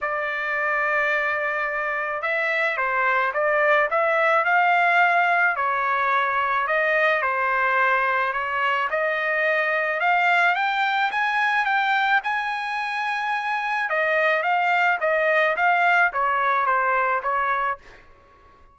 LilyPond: \new Staff \with { instrumentName = "trumpet" } { \time 4/4 \tempo 4 = 108 d''1 | e''4 c''4 d''4 e''4 | f''2 cis''2 | dis''4 c''2 cis''4 |
dis''2 f''4 g''4 | gis''4 g''4 gis''2~ | gis''4 dis''4 f''4 dis''4 | f''4 cis''4 c''4 cis''4 | }